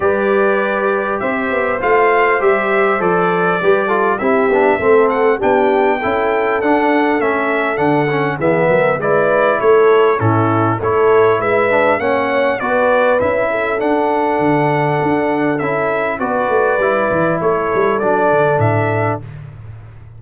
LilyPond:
<<
  \new Staff \with { instrumentName = "trumpet" } { \time 4/4 \tempo 4 = 100 d''2 e''4 f''4 | e''4 d''2 e''4~ | e''8 fis''8 g''2 fis''4 | e''4 fis''4 e''4 d''4 |
cis''4 a'4 cis''4 e''4 | fis''4 d''4 e''4 fis''4~ | fis''2 e''4 d''4~ | d''4 cis''4 d''4 e''4 | }
  \new Staff \with { instrumentName = "horn" } { \time 4/4 b'2 c''2~ | c''2 b'8 a'8 g'4 | a'4 g'4 a'2~ | a'2 gis'8 ais'8 b'4 |
a'4 e'4 a'4 b'4 | cis''4 b'4. a'4.~ | a'2. b'4~ | b'4 a'2. | }
  \new Staff \with { instrumentName = "trombone" } { \time 4/4 g'2. f'4 | g'4 a'4 g'8 f'8 e'8 d'8 | c'4 d'4 e'4 d'4 | cis'4 d'8 cis'8 b4 e'4~ |
e'4 cis'4 e'4. d'8 | cis'4 fis'4 e'4 d'4~ | d'2 e'4 fis'4 | e'2 d'2 | }
  \new Staff \with { instrumentName = "tuba" } { \time 4/4 g2 c'8 b8 a4 | g4 f4 g4 c'8 b8 | a4 b4 cis'4 d'4 | a4 d4 e8 fis8 gis4 |
a4 a,4 a4 gis4 | ais4 b4 cis'4 d'4 | d4 d'4 cis'4 b8 a8 | g8 e8 a8 g8 fis8 d8 a,4 | }
>>